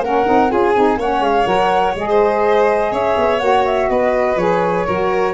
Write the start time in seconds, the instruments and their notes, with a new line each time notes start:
0.00 tuba A#3, saxophone C#4, violin A#4, flute F#5
0.25 tuba C4, saxophone D#4
0.49 tuba C#4, saxophone F4, violin G#4, flute G#5
0.74 tuba C4, saxophone D#4
0.97 tuba A#3, saxophone C#4, violin C#5, flute F#5
1.20 tuba G#3, flute F5
1.45 tuba F#3, saxophone A#4, flute F#5
1.95 tuba G#3, saxophone G#4, flute D#5
2.09 violin C5
2.91 tuba C#4, violin C#5, flute E5
3.17 tuba B3
3.38 tuba A#3, saxophone F#4, flute F#5
3.65 flute E5
3.89 tuba B3, violin B4, flute D#5
4.35 tuba F3, saxophone G#4, flute C#5
4.86 tuba F#3, saxophone F#4, violin A#4